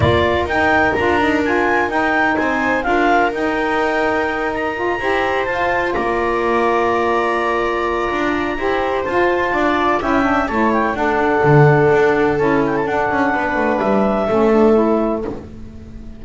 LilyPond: <<
  \new Staff \with { instrumentName = "clarinet" } { \time 4/4 \tempo 4 = 126 d''4 g''4 ais''4 gis''4 | g''4 gis''4 f''4 g''4~ | g''4. ais''2 a''8~ | a''8 ais''2.~ ais''8~ |
ais''2. a''4~ | a''4 g''4 a''8 g''8 fis''4~ | fis''2 a''8 g''16 a''16 fis''4~ | fis''4 e''2. | }
  \new Staff \with { instrumentName = "viola" } { \time 4/4 ais'1~ | ais'4 c''4 ais'2~ | ais'2~ ais'8 c''4.~ | c''8 d''2.~ d''8~ |
d''2 c''2 | d''4 e''4 cis''4 a'4~ | a'1 | b'2 a'2 | }
  \new Staff \with { instrumentName = "saxophone" } { \time 4/4 f'4 dis'4 f'8 dis'8 f'4 | dis'2 f'4 dis'4~ | dis'2 f'8 g'4 f'8~ | f'1~ |
f'2 g'4 f'4~ | f'4 e'8 d'8 e'4 d'4~ | d'2 e'4 d'4~ | d'2 cis'8 d'8 e'4 | }
  \new Staff \with { instrumentName = "double bass" } { \time 4/4 ais4 dis'4 d'2 | dis'4 c'4 d'4 dis'4~ | dis'2~ dis'8 e'4 f'8~ | f'8 ais2.~ ais8~ |
ais4 d'4 e'4 f'4 | d'4 cis'4 a4 d'4 | d4 d'4 cis'4 d'8 cis'8 | b8 a8 g4 a2 | }
>>